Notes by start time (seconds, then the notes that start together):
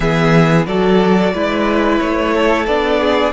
0.00 E3 B3 G#4 E5
0.66 F#3 F#4 A4 D5
1.33 G#3 E4 B4
1.99 A3 C#5
2.34 A4
2.66 B3 D4 D5
3.00 G#4